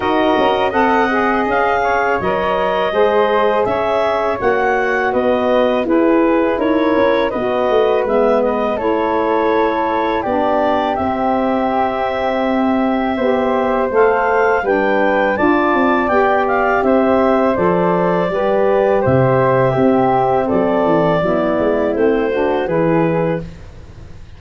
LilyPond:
<<
  \new Staff \with { instrumentName = "clarinet" } { \time 4/4 \tempo 4 = 82 dis''4 fis''4 f''4 dis''4~ | dis''4 e''4 fis''4 dis''4 | b'4 cis''4 dis''4 e''8 dis''8 | cis''2 d''4 e''4~ |
e''2. f''4 | g''4 a''4 g''8 f''8 e''4 | d''2 e''2 | d''2 c''4 b'4 | }
  \new Staff \with { instrumentName = "flute" } { \time 4/4 ais'4 dis''4. cis''4. | c''4 cis''2 b'4 | gis'4 ais'4 b'2 | a'2 g'2~ |
g'2 c''2 | b'4 d''2 c''4~ | c''4 b'4 c''4 g'4 | a'4 e'4. fis'8 gis'4 | }
  \new Staff \with { instrumentName = "saxophone" } { \time 4/4 fis'4 a'8 gis'4. ais'4 | gis'2 fis'2 | e'2 fis'4 b4 | e'2 d'4 c'4~ |
c'2 g'4 a'4 | d'4 f'4 g'2 | a'4 g'2 c'4~ | c'4 b4 c'8 d'8 e'4 | }
  \new Staff \with { instrumentName = "tuba" } { \time 4/4 dis'8 cis'8 c'4 cis'4 fis4 | gis4 cis'4 ais4 b4 | e'4 dis'8 cis'8 b8 a8 gis4 | a2 b4 c'4~ |
c'2 b4 a4 | g4 d'8 c'8 b4 c'4 | f4 g4 c4 c'4 | fis8 e8 fis8 gis8 a4 e4 | }
>>